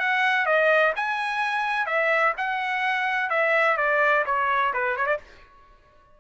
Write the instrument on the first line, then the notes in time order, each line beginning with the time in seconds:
trumpet
0.00 F#5
0.46 D#5
0.96 G#5
1.87 E5
2.38 F#5
3.30 E5
3.78 D5
4.26 C#5
4.74 B4
4.97 C#5
5.07 D5